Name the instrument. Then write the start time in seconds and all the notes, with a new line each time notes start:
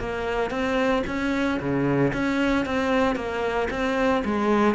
cello
0.00 A#3
0.51 C4
1.07 C#4
1.60 C#3
2.14 C#4
2.66 C4
3.16 A#3
3.71 C4
4.25 G#3